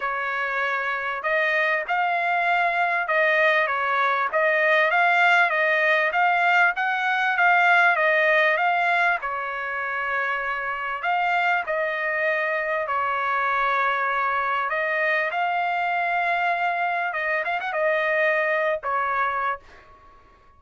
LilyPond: \new Staff \with { instrumentName = "trumpet" } { \time 4/4 \tempo 4 = 98 cis''2 dis''4 f''4~ | f''4 dis''4 cis''4 dis''4 | f''4 dis''4 f''4 fis''4 | f''4 dis''4 f''4 cis''4~ |
cis''2 f''4 dis''4~ | dis''4 cis''2. | dis''4 f''2. | dis''8 f''16 fis''16 dis''4.~ dis''16 cis''4~ cis''16 | }